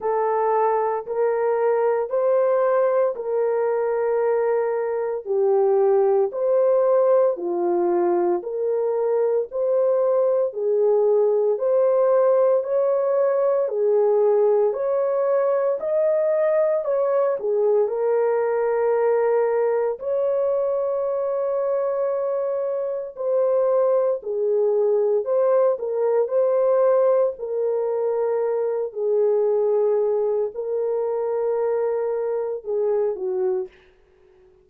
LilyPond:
\new Staff \with { instrumentName = "horn" } { \time 4/4 \tempo 4 = 57 a'4 ais'4 c''4 ais'4~ | ais'4 g'4 c''4 f'4 | ais'4 c''4 gis'4 c''4 | cis''4 gis'4 cis''4 dis''4 |
cis''8 gis'8 ais'2 cis''4~ | cis''2 c''4 gis'4 | c''8 ais'8 c''4 ais'4. gis'8~ | gis'4 ais'2 gis'8 fis'8 | }